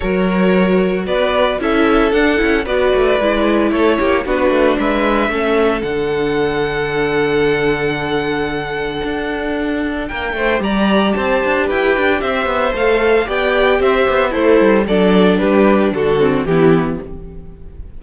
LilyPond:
<<
  \new Staff \with { instrumentName = "violin" } { \time 4/4 \tempo 4 = 113 cis''2 d''4 e''4 | fis''4 d''2 cis''4 | b'4 e''2 fis''4~ | fis''1~ |
fis''2. g''4 | ais''4 a''4 g''4 e''4 | f''4 g''4 e''4 c''4 | d''4 b'4 a'4 g'4 | }
  \new Staff \with { instrumentName = "violin" } { \time 4/4 ais'2 b'4 a'4~ | a'4 b'2 a'8 g'8 | fis'4 b'4 a'2~ | a'1~ |
a'2. ais'8 c''8 | d''4 c''4 b'4 c''4~ | c''4 d''4 c''4 e'4 | a'4 g'4 fis'4 e'4 | }
  \new Staff \with { instrumentName = "viola" } { \time 4/4 fis'2. e'4 | d'8 e'8 fis'4 e'2 | d'2 cis'4 d'4~ | d'1~ |
d'1 | g'1 | a'4 g'2 a'4 | d'2~ d'8 c'8 b4 | }
  \new Staff \with { instrumentName = "cello" } { \time 4/4 fis2 b4 cis'4 | d'8 cis'8 b8 a8 gis4 a8 ais8 | b8 a8 gis4 a4 d4~ | d1~ |
d4 d'2 ais8 a8 | g4 c'8 d'8 e'8 d'8 c'8 b8 | a4 b4 c'8 b8 a8 g8 | fis4 g4 d4 e4 | }
>>